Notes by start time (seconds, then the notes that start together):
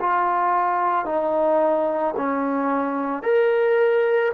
0.00 F4
1.05 D#4
2.16 C#4
3.22 A#4